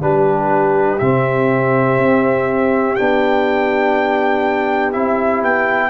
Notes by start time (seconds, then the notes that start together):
0.00 G3 D4 G4 B4
0.99 C3 C4 E5
1.99 C4
2.96 B3 D4 G5
4.93 C4 E4 E5
5.43 B3 G5